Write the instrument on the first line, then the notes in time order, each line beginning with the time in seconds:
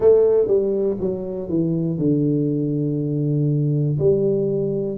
tuba
0.00 A3
0.47 G3
1.00 F#3
1.49 E3
1.98 D3
3.98 G3